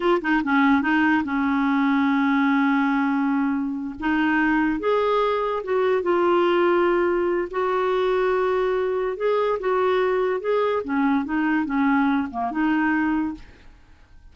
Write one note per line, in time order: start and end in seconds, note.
0.00 0.21 F4
0.21 0.42 D#4
0.43 0.81 C#4
0.81 1.23 D#4
1.23 3.94 C#4
3.99 4.79 D#4
4.79 5.62 G#4
5.63 6.02 F#4
6.02 7.48 F4
7.50 9.17 F#4
9.17 9.58 G#4
9.59 10.40 F#4
10.40 10.82 G#4
10.84 11.24 C#4
11.24 11.65 D#4
11.65 12.27 C#4
12.30 12.51 A#3
12.51 13.34 D#4